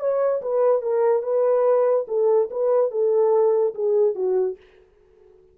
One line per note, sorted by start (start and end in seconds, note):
0.00 0.42 C#5
0.42 0.82 B4
0.82 1.23 A#4
1.23 2.06 B4
2.08 2.50 A4
2.51 2.91 B4
2.91 3.75 A4
3.75 4.15 G#4
4.15 4.57 F#4